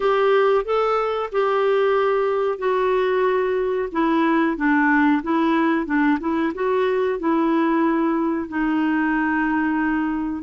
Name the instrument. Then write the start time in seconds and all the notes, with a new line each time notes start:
clarinet
0.00 G4
0.65 A4
1.32 G4
2.58 F#4
3.91 E4
4.56 D4
5.22 E4
5.85 D4
6.20 E4
6.54 F#4
7.19 E4
8.48 D#4